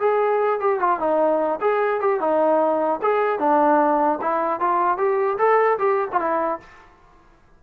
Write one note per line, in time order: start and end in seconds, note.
0.00 0.60 G#4
0.60 0.80 G4
0.80 1.00 F4
1.00 1.60 D#4
1.61 2.01 G#4
2.01 2.20 G4
2.20 3.00 D#4
3.02 3.39 G#4
3.39 4.19 D4
4.21 4.60 E4
4.60 4.98 F4
4.98 5.38 G4
5.38 5.78 A4
5.79 6.09 G4
6.12 6.20 F4
6.20 6.60 E4